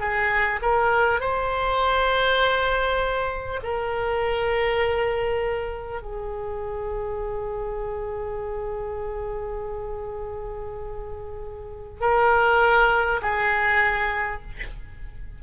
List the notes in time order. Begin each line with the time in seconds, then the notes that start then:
0.00 G#4
0.62 A#4
1.21 C5
3.63 A#4
6.02 G#4
12.01 A#4
13.22 G#4